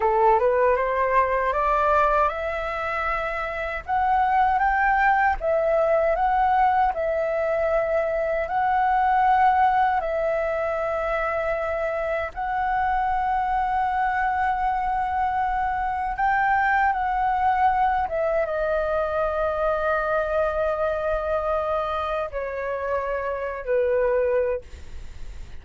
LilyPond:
\new Staff \with { instrumentName = "flute" } { \time 4/4 \tempo 4 = 78 a'8 b'8 c''4 d''4 e''4~ | e''4 fis''4 g''4 e''4 | fis''4 e''2 fis''4~ | fis''4 e''2. |
fis''1~ | fis''4 g''4 fis''4. e''8 | dis''1~ | dis''4 cis''4.~ cis''16 b'4~ b'16 | }